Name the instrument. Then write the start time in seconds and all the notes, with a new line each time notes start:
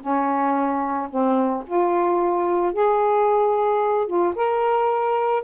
saxophone
0.00 C#4
1.10 C4
1.66 F4
2.72 G#4
4.07 F4
4.35 A#4